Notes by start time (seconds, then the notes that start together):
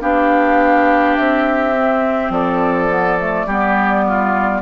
0.00 B3 D4 G4 F5
1.16 C4 E5
1.75 C4
2.29 F3 A4 D5
2.89 B3
3.19 A3
3.46 G3 B3 G4
4.07 F4